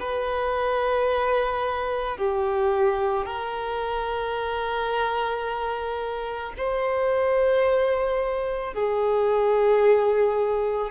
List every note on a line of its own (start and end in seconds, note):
0.00 2.18 B4
2.18 3.26 G4
3.26 6.54 A#4
6.58 8.74 C5
8.74 10.91 G#4